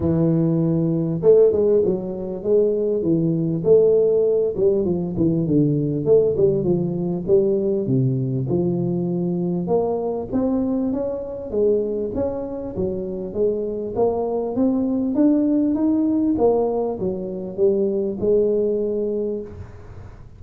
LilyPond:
\new Staff \with { instrumentName = "tuba" } { \time 4/4 \tempo 4 = 99 e2 a8 gis8 fis4 | gis4 e4 a4. g8 | f8 e8 d4 a8 g8 f4 | g4 c4 f2 |
ais4 c'4 cis'4 gis4 | cis'4 fis4 gis4 ais4 | c'4 d'4 dis'4 ais4 | fis4 g4 gis2 | }